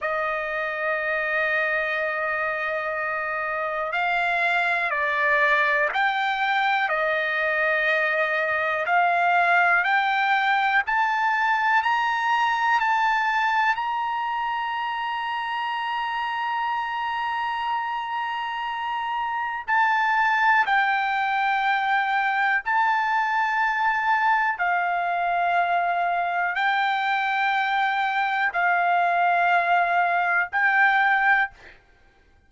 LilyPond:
\new Staff \with { instrumentName = "trumpet" } { \time 4/4 \tempo 4 = 61 dis''1 | f''4 d''4 g''4 dis''4~ | dis''4 f''4 g''4 a''4 | ais''4 a''4 ais''2~ |
ais''1 | a''4 g''2 a''4~ | a''4 f''2 g''4~ | g''4 f''2 g''4 | }